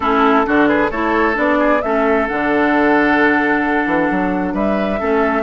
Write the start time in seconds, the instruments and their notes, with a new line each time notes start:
0.00 bassoon A3, clarinet C#4, oboe E4, flute A4
0.45 bassoon D3, clarinet D4, oboe F#4
0.66 oboe G#4, flute B4
0.90 bassoon A3, clarinet E4, oboe A4, flute C#5
1.34 bassoon B3, clarinet D4, flute D5
1.59 oboe G#4
1.82 bassoon A3, clarinet C#4, oboe A4, flute E5
2.28 bassoon D3, clarinet D4, flute F#5
3.86 bassoon E3
4.10 bassoon F#3
4.54 bassoon G3, oboe B4, flute E5
4.99 bassoon A3, clarinet C#4, oboe A4